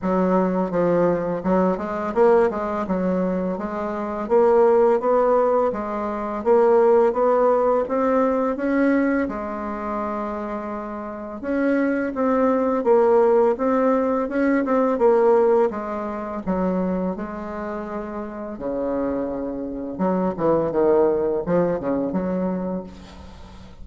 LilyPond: \new Staff \with { instrumentName = "bassoon" } { \time 4/4 \tempo 4 = 84 fis4 f4 fis8 gis8 ais8 gis8 | fis4 gis4 ais4 b4 | gis4 ais4 b4 c'4 | cis'4 gis2. |
cis'4 c'4 ais4 c'4 | cis'8 c'8 ais4 gis4 fis4 | gis2 cis2 | fis8 e8 dis4 f8 cis8 fis4 | }